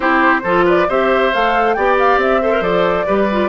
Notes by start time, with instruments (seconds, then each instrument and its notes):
0.00 bassoon C4, clarinet E4, oboe G4, flute C5
0.43 bassoon F3, clarinet F4, oboe A4
0.65 oboe B4, flute D5
0.88 bassoon C4, clarinet G4, oboe C5, flute E5
1.33 bassoon A3, clarinet A4, flute F5
1.73 bassoon B3, clarinet G4, oboe D5, flute G5
1.98 flute F5
2.17 bassoon C4, flute E5
2.41 clarinet A4, oboe C5
2.52 clarinet A#4
2.61 bassoon F3, clarinet A4, flute D5
3.06 bassoon G3, clarinet G4, oboe B4
3.31 clarinet F4